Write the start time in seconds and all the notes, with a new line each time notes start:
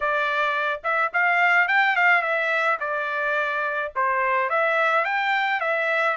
0.00 D5
0.83 E5
1.13 F5
1.68 G5
1.96 F5
2.21 E5
2.80 D5
3.95 C5
4.49 E5
5.04 G5
5.60 E5